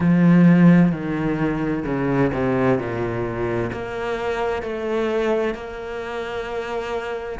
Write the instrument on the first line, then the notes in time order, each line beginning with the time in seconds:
cello
0.00 F3
0.92 D#3
1.85 C#3
2.33 C3
2.78 A#2
3.72 A#3
4.62 A3
5.54 A#3